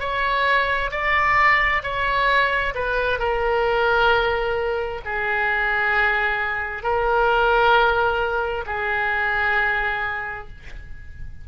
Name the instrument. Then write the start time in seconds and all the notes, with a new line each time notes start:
oboe
0.00 C#5
0.91 D5
1.83 C#5
2.75 B4
3.19 A#4
5.05 G#4
6.83 A#4
8.67 G#4